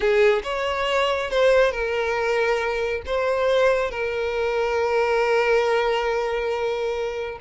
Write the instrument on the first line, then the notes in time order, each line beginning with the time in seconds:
violin
0.00 G#4
0.43 C#5
1.30 C5
1.71 A#4
3.06 C5
3.90 A#4